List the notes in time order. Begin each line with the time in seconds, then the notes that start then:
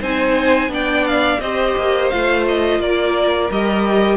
0.00 C4 D#4 C5 G#5
0.68 B3 D4 D5 G5
1.07 F5
1.40 C4 G4 C5 D#5
1.77 A#3
2.10 A3 F4 F5
2.48 D#5
2.79 A#3 A#4 D5
3.50 G3 G4 D#5